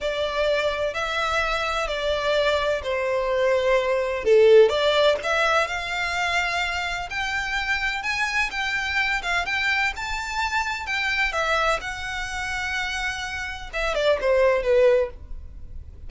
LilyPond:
\new Staff \with { instrumentName = "violin" } { \time 4/4 \tempo 4 = 127 d''2 e''2 | d''2 c''2~ | c''4 a'4 d''4 e''4 | f''2. g''4~ |
g''4 gis''4 g''4. f''8 | g''4 a''2 g''4 | e''4 fis''2.~ | fis''4 e''8 d''8 c''4 b'4 | }